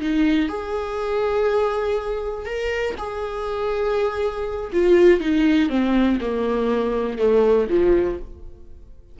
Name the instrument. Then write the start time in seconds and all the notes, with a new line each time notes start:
viola
0.00 D#4
0.48 G#4
2.45 A#4
2.97 G#4
4.72 F4
5.20 D#4
5.69 C4
6.20 A#3
7.18 A3
7.69 F3